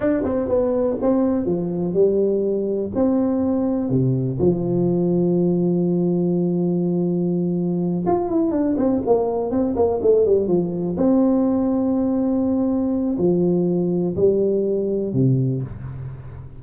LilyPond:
\new Staff \with { instrumentName = "tuba" } { \time 4/4 \tempo 4 = 123 d'8 c'8 b4 c'4 f4 | g2 c'2 | c4 f2.~ | f1~ |
f8 f'8 e'8 d'8 c'8 ais4 c'8 | ais8 a8 g8 f4 c'4.~ | c'2. f4~ | f4 g2 c4 | }